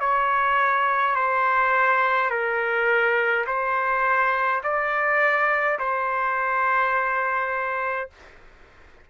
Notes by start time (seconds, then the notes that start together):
0.00 C#5
1.15 C5
2.30 A#4
3.46 C5
4.63 D5
5.79 C5